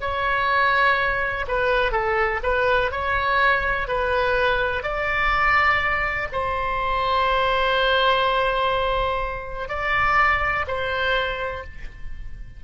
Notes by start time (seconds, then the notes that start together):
0.00 C#5
1.47 B4
1.91 A4
2.42 B4
2.91 C#5
3.88 B4
4.83 D5
6.32 C5
9.68 D5
10.67 C5